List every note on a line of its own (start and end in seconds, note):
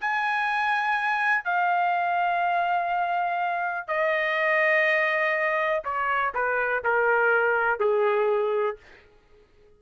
0.00 1.44 G#5
1.44 3.88 F5
3.88 5.83 D#5
5.84 6.33 C#5
6.34 6.83 B4
6.84 7.79 A#4
7.79 8.77 G#4